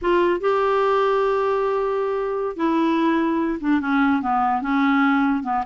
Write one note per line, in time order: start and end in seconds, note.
0.01 0.40 F4
0.40 2.56 G4
2.56 3.59 E4
3.60 3.80 D4
3.81 4.22 C#4
4.22 4.61 B3
4.61 5.43 C#4
5.43 5.63 B3